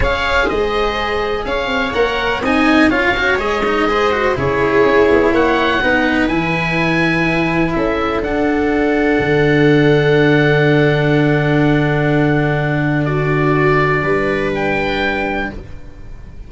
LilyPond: <<
  \new Staff \with { instrumentName = "oboe" } { \time 4/4 \tempo 4 = 124 f''4 dis''2 f''4 | fis''4 gis''4 f''4 dis''4~ | dis''4 cis''2 fis''4~ | fis''4 gis''2. |
e''4 fis''2.~ | fis''1~ | fis''2. d''4~ | d''2 g''2 | }
  \new Staff \with { instrumentName = "viola" } { \time 4/4 cis''4 c''2 cis''4~ | cis''4 dis''4 cis''2 | c''4 gis'2 cis''4 | b'1 |
a'1~ | a'1~ | a'2. fis'4~ | fis'4 b'2. | }
  \new Staff \with { instrumentName = "cello" } { \time 4/4 gis'1 | ais'4 dis'4 f'8 fis'8 gis'8 dis'8 | gis'8 fis'8 e'2. | dis'4 e'2.~ |
e'4 d'2.~ | d'1~ | d'1~ | d'1 | }
  \new Staff \with { instrumentName = "tuba" } { \time 4/4 cis'4 gis2 cis'8 c'8 | ais4 c'4 cis'4 gis4~ | gis4 cis4 cis'8 b8 ais4 | b4 e2. |
cis'4 d'2 d4~ | d1~ | d1~ | d4 g2. | }
>>